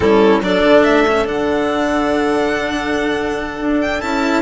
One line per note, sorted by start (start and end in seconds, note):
0.00 0.41 G3
0.00 0.42 C#4
0.00 0.42 E4
0.00 0.40 A4
0.41 0.62 F#3
0.41 1.06 D4
0.41 4.42 A4
0.41 0.83 D5
0.63 0.84 D3
0.83 1.26 A3
0.83 1.25 E5
1.07 1.26 C#4
1.26 3.58 D3
1.26 4.00 D4
1.26 3.80 F#5
3.61 4.02 D4
3.80 4.01 G5
4.01 4.42 C#4
4.01 4.42 E4
4.01 4.42 A5